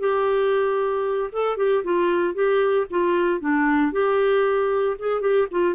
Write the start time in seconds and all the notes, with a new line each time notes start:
0.00 G4
1.32 A4
1.57 G4
1.84 F4
2.34 G4
2.90 F4
3.40 D4
3.92 G4
4.99 G#4
5.21 G4
5.51 F4